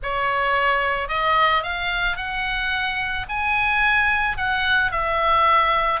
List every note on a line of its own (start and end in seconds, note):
0.02 1.08 C#5
1.08 1.63 D#5
1.63 2.16 F5
2.16 3.26 F#5
3.29 4.37 G#5
4.37 4.91 F#5
4.91 6.00 E5